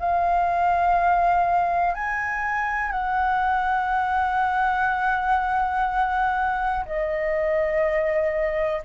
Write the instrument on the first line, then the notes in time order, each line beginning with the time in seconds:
flute
0.00 F5
1.94 G#5
2.92 F#5
6.85 D#5